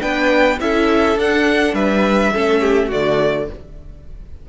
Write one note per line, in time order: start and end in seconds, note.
0.00 0.61 B3
0.00 0.58 D4
0.00 0.59 B4
0.00 0.59 G5
0.60 1.16 C#4
0.60 1.17 E4
0.60 1.75 A4
0.60 1.18 E5
1.16 1.73 D4
1.16 2.34 D4
1.16 1.74 F#5
1.73 2.31 G3
1.73 2.33 B4
1.73 2.90 E5
2.34 2.92 A3
2.34 2.91 C#4
2.34 2.61 A4
2.61 2.88 G4
2.88 3.50 D3
2.88 3.49 A3
2.88 3.46 F#4
2.88 3.50 D5